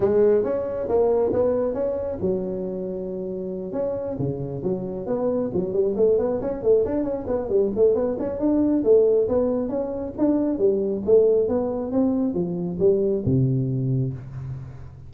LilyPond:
\new Staff \with { instrumentName = "tuba" } { \time 4/4 \tempo 4 = 136 gis4 cis'4 ais4 b4 | cis'4 fis2.~ | fis8 cis'4 cis4 fis4 b8~ | b8 fis8 g8 a8 b8 cis'8 a8 d'8 |
cis'8 b8 g8 a8 b8 cis'8 d'4 | a4 b4 cis'4 d'4 | g4 a4 b4 c'4 | f4 g4 c2 | }